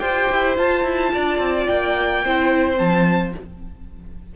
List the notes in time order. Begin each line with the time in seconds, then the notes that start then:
0.00 F4 G4 C5 G5
0.32 E4
0.58 F4 A5
0.84 E4
1.14 D4 D5
1.39 C4
1.67 A#3 G5
2.25 C4 E4 C5
2.76 F3 C4 A5